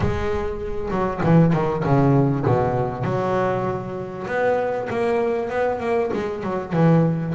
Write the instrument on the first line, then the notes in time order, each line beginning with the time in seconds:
double bass
0.00 G#3
0.90 F#3
1.23 E3
1.53 D#3
1.84 C#3
2.46 B2
3.04 F#3
4.27 B3
4.90 A#3
5.49 B3
5.80 A#3
6.13 G#3
6.43 F#3
6.72 E3